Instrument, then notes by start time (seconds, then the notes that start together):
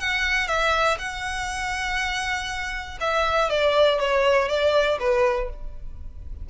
violin
0.00 F#5
0.48 E5
0.98 F#5
3.01 E5
3.50 D5
4.00 C#5
4.48 D5
5.00 B4